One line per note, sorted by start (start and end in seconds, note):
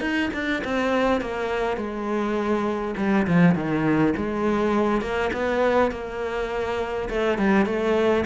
0.00 0.29 D#4
0.33 0.62 D4
0.64 1.20 C4
1.20 1.76 A#3
1.76 2.94 G#3
2.97 3.26 G3
3.26 3.55 F3
3.55 4.13 D#3
4.16 5.01 G#3
5.01 5.30 A#3
5.32 5.91 B3
5.91 7.09 A#3
7.09 7.38 A3
7.38 7.65 G3
7.65 8.24 A3